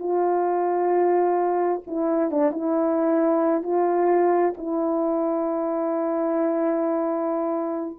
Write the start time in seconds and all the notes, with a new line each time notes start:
0.00 F4
1.87 E4
2.31 D4
2.52 E4
3.63 F4
4.57 E4